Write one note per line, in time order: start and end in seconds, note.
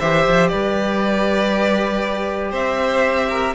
0.00 0.27 E3
0.00 3.56 G4
0.00 0.51 C5
0.00 0.48 E5
0.27 0.53 F3
0.48 2.52 G3
0.48 2.51 B4
0.48 2.52 D5
2.51 3.54 C4
2.51 3.28 C5
2.51 3.56 E5
3.30 3.55 A#4